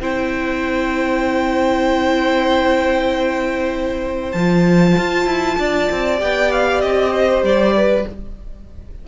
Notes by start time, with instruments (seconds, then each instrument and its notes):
0.00 cello C4, viola E4, violin C5 G5
4.32 cello F3, viola F4, violin A5
4.98 cello F4
5.26 cello E4
5.58 cello D4, violin D5
5.91 cello C4
6.17 cello B3, viola G4, violin G5
6.52 violin F5
6.81 cello C4, violin D#5
7.13 violin C5
7.43 cello G3, violin D5
7.77 violin B4